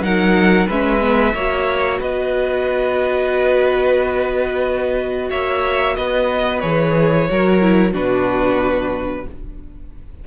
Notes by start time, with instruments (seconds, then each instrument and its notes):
0.00 cello F#3, viola D#4, violin A#4 F#5
0.66 cello G#3, viola C#4, violin B4 E5
1.01 viola B3
1.33 cello A#3, viola F#4, violin C#5
1.99 cello B3, violin B4 D#5
5.30 cello A#3, violin C#5 E5
5.96 cello B3, violin B4 D#5
6.60 cello E3, viola G#4, violin C#5
7.29 cello F#3, viola F#4, violin A#4
7.61 viola E4
7.92 cello B2, viola D4, violin F#4 B4